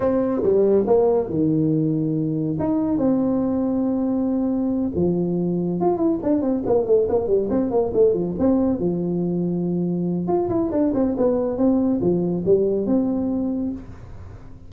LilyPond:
\new Staff \with { instrumentName = "tuba" } { \time 4/4 \tempo 4 = 140 c'4 g4 ais4 dis4~ | dis2 dis'4 c'4~ | c'2.~ c'8 f8~ | f4. f'8 e'8 d'8 c'8 ais8 |
a8 ais8 g8 c'8 ais8 a8 f8 c'8~ | c'8 f2.~ f8 | f'8 e'8 d'8 c'8 b4 c'4 | f4 g4 c'2 | }